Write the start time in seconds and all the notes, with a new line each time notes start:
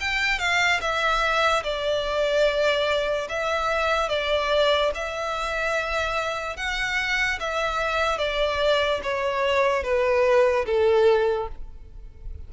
0.00 G5
0.38 F5
0.81 E5
1.63 D5
3.29 E5
4.09 D5
4.94 E5
6.56 F#5
7.39 E5
8.18 D5
9.03 C#5
9.83 B4
10.66 A4